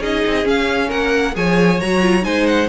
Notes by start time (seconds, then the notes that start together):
0.00 C#4 D#4 G#4 D#5
0.26 C4
0.44 C#4 F5
0.88 A#3 A#4 F#5
1.34 F3 G#4 C#5 G#5
1.80 F#3 F#4 A#5
2.01 F4
2.22 G#3 D#4 C5 G#5
2.46 F#5